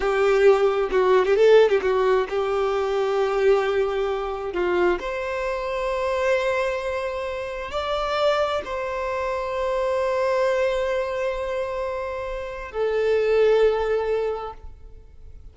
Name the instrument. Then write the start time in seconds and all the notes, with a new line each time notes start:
violin
0.00 G4
0.91 F#4
1.25 G4
1.36 A4
1.69 G4
1.81 F#4
2.29 G4
4.53 F4
4.99 C5
7.71 D5
8.64 C5
12.71 A4